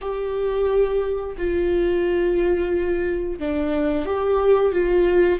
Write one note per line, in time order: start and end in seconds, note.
0.01 1.36 G4
1.37 3.39 F4
3.39 4.05 D4
4.05 4.72 G4
4.72 5.39 F4